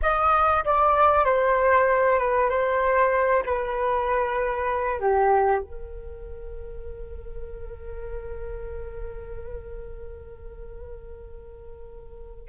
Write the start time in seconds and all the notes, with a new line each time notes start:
0.01 D#5
0.64 D5
1.24 C5
2.18 B4
2.49 C5
3.45 B4
4.99 G4
5.61 A#4